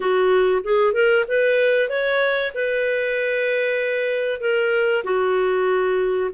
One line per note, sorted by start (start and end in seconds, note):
0.00 0.62 F#4
0.63 0.93 G#4
0.93 1.25 A#4
1.28 1.89 B4
1.89 2.52 C#5
2.54 4.40 B4
4.40 5.03 A#4
5.04 6.30 F#4